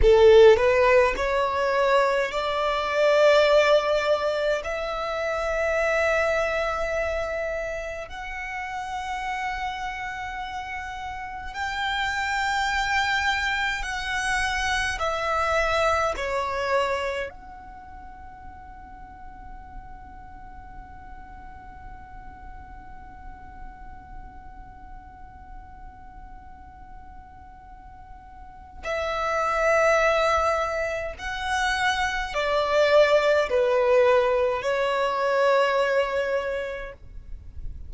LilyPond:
\new Staff \with { instrumentName = "violin" } { \time 4/4 \tempo 4 = 52 a'8 b'8 cis''4 d''2 | e''2. fis''4~ | fis''2 g''2 | fis''4 e''4 cis''4 fis''4~ |
fis''1~ | fis''1~ | fis''4 e''2 fis''4 | d''4 b'4 cis''2 | }